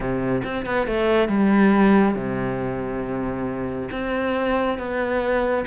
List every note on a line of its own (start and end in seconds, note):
0.00 0.42 C3
0.44 0.65 C4
0.65 0.87 B3
0.87 1.28 A3
1.28 2.15 G3
2.15 3.89 C3
3.91 4.78 C4
4.78 5.65 B3